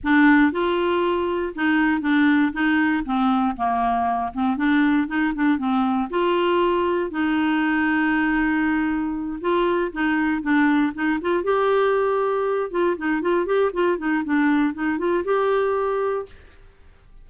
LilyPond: \new Staff \with { instrumentName = "clarinet" } { \time 4/4 \tempo 4 = 118 d'4 f'2 dis'4 | d'4 dis'4 c'4 ais4~ | ais8 c'8 d'4 dis'8 d'8 c'4 | f'2 dis'2~ |
dis'2~ dis'8 f'4 dis'8~ | dis'8 d'4 dis'8 f'8 g'4.~ | g'4 f'8 dis'8 f'8 g'8 f'8 dis'8 | d'4 dis'8 f'8 g'2 | }